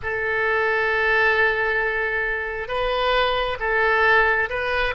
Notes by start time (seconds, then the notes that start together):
0.02 A4
2.68 B4
3.59 A4
4.49 B4